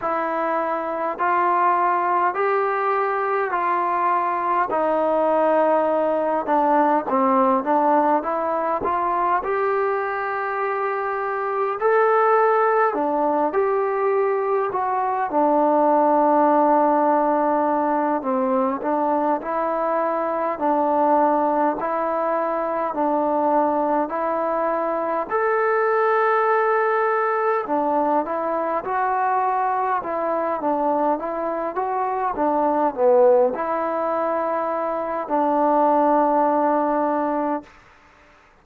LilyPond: \new Staff \with { instrumentName = "trombone" } { \time 4/4 \tempo 4 = 51 e'4 f'4 g'4 f'4 | dis'4. d'8 c'8 d'8 e'8 f'8 | g'2 a'4 d'8 g'8~ | g'8 fis'8 d'2~ d'8 c'8 |
d'8 e'4 d'4 e'4 d'8~ | d'8 e'4 a'2 d'8 | e'8 fis'4 e'8 d'8 e'8 fis'8 d'8 | b8 e'4. d'2 | }